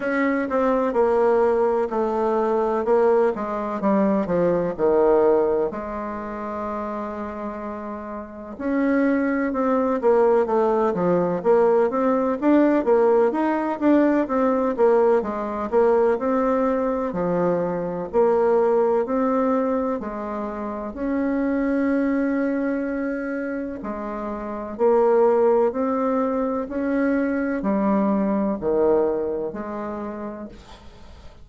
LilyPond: \new Staff \with { instrumentName = "bassoon" } { \time 4/4 \tempo 4 = 63 cis'8 c'8 ais4 a4 ais8 gis8 | g8 f8 dis4 gis2~ | gis4 cis'4 c'8 ais8 a8 f8 | ais8 c'8 d'8 ais8 dis'8 d'8 c'8 ais8 |
gis8 ais8 c'4 f4 ais4 | c'4 gis4 cis'2~ | cis'4 gis4 ais4 c'4 | cis'4 g4 dis4 gis4 | }